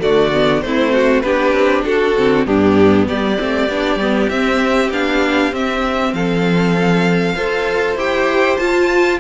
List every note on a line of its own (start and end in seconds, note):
0.00 0.64 D3
0.00 0.31 A3
0.00 0.62 F#4
0.00 0.62 D5
0.33 0.64 B3
0.62 1.23 A3
0.62 1.24 C4
0.62 0.92 E4
0.62 1.21 C5
0.92 1.23 F#4
1.21 1.53 B3
1.21 2.16 D4
1.21 1.85 G4
1.21 1.82 B4
1.53 1.83 C4
1.84 2.17 D4
1.84 2.47 F#4
1.84 2.46 A4
2.16 2.46 D3
2.16 2.45 C4
2.45 3.07 G2
2.45 3.37 B3
2.45 3.08 D4
2.45 3.07 G4
3.07 3.38 G3
3.07 6.14 G4
3.07 4.29 D5
3.37 3.69 A3
3.37 3.68 C4
3.69 3.96 B3
3.69 4.00 D4
3.96 4.27 G3
3.96 4.30 B3
4.29 4.91 C4
4.29 4.90 E5
4.91 5.52 B3
4.91 5.52 D4
4.91 5.54 F5
5.52 6.13 C4
5.52 7.36 C4
5.52 6.13 E5
6.13 7.36 F3
6.13 7.35 A4
6.13 7.97 F5
7.35 7.96 F4
7.35 7.98 A4
7.35 9.19 C5
7.96 8.57 E4
7.96 8.59 G4
7.96 8.57 G5
8.57 9.20 F4
8.57 9.18 A5